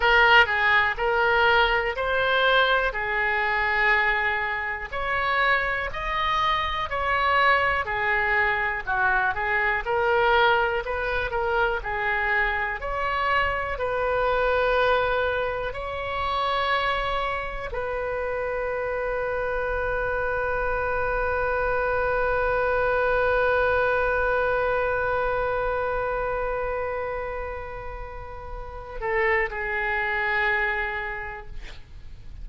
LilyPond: \new Staff \with { instrumentName = "oboe" } { \time 4/4 \tempo 4 = 61 ais'8 gis'8 ais'4 c''4 gis'4~ | gis'4 cis''4 dis''4 cis''4 | gis'4 fis'8 gis'8 ais'4 b'8 ais'8 | gis'4 cis''4 b'2 |
cis''2 b'2~ | b'1~ | b'1~ | b'4. a'8 gis'2 | }